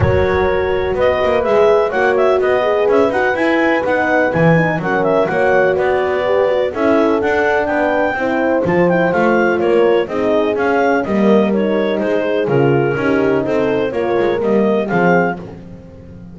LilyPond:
<<
  \new Staff \with { instrumentName = "clarinet" } { \time 4/4 \tempo 4 = 125 cis''2 dis''4 e''4 | fis''8 e''8 dis''4 e''8 fis''8 gis''4 | fis''4 gis''4 fis''8 e''8 fis''4 | d''2 e''4 fis''4 |
g''2 a''8 g''8 f''4 | cis''4 dis''4 f''4 dis''4 | cis''4 c''4 ais'2 | c''4 cis''4 dis''4 f''4 | }
  \new Staff \with { instrumentName = "horn" } { \time 4/4 ais'2 b'2 | cis''4 b'2.~ | b'2 ais'4 cis''4 | b'2 a'2 |
b'4 c''2. | ais'4 gis'2 ais'4~ | ais'4 gis'2 g'4 | a'4 ais'2 gis'4 | }
  \new Staff \with { instrumentName = "horn" } { \time 4/4 fis'2. gis'4 | fis'4. gis'4 fis'8 e'4 | dis'4 e'8 dis'8 cis'4 fis'4~ | fis'4 g'8 fis'8 e'4 d'4~ |
d'4 e'4 f'8 e'8 f'4~ | f'4 dis'4 cis'4 ais4 | dis'2 f'4 dis'4~ | dis'4 f'4 ais4 c'4 | }
  \new Staff \with { instrumentName = "double bass" } { \time 4/4 fis2 b8 ais8 gis4 | ais4 b4 cis'8 dis'8 e'4 | b4 e4 fis4 ais4 | b2 cis'4 d'4 |
b4 c'4 f4 a4 | ais4 c'4 cis'4 g4~ | g4 gis4 cis4 cis'4 | c'4 ais8 gis8 g4 f4 | }
>>